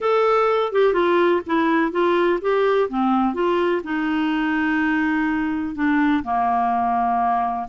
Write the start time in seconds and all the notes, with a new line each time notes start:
0.00 A4
0.72 G4
0.93 F4
1.46 E4
1.91 F4
2.41 G4
2.89 C4
3.34 F4
3.83 D#4
5.75 D4
6.23 A#3